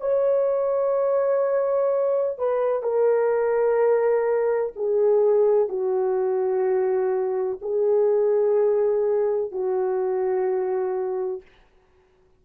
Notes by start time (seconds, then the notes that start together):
0.00 C#5
2.38 B4
2.82 A#4
4.76 G#4
5.68 F#4
7.61 G#4
9.51 F#4